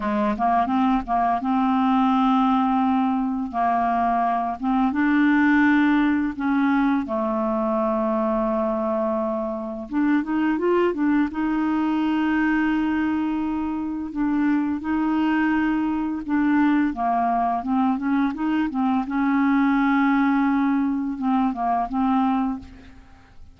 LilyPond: \new Staff \with { instrumentName = "clarinet" } { \time 4/4 \tempo 4 = 85 gis8 ais8 c'8 ais8 c'2~ | c'4 ais4. c'8 d'4~ | d'4 cis'4 a2~ | a2 d'8 dis'8 f'8 d'8 |
dis'1 | d'4 dis'2 d'4 | ais4 c'8 cis'8 dis'8 c'8 cis'4~ | cis'2 c'8 ais8 c'4 | }